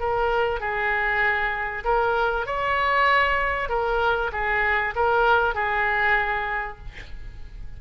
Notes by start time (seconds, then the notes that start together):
0.00 A#4
0.60 G#4
1.84 A#4
2.46 C#5
3.69 A#4
4.33 G#4
4.96 A#4
5.55 G#4